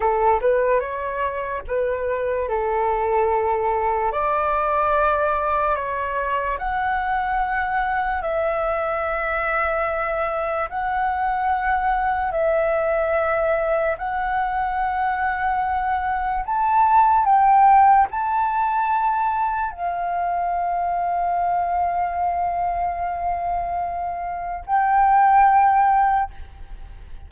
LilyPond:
\new Staff \with { instrumentName = "flute" } { \time 4/4 \tempo 4 = 73 a'8 b'8 cis''4 b'4 a'4~ | a'4 d''2 cis''4 | fis''2 e''2~ | e''4 fis''2 e''4~ |
e''4 fis''2. | a''4 g''4 a''2 | f''1~ | f''2 g''2 | }